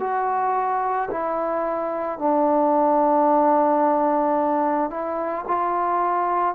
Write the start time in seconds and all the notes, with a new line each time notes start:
0.00 F#4
1.11 E4
2.19 D4
4.91 E4
5.48 F4